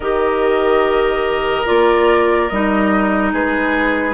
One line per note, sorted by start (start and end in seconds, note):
0.00 1.66 D#3
0.00 1.66 G4
0.00 3.31 A#4
0.00 1.66 D#5
1.66 2.51 A#3
1.66 2.49 F4
1.66 2.48 D5
2.48 3.32 G3
2.48 4.13 D#4
2.48 3.31 D#5
3.31 4.13 G#3
3.31 4.13 G#4
3.31 4.13 B4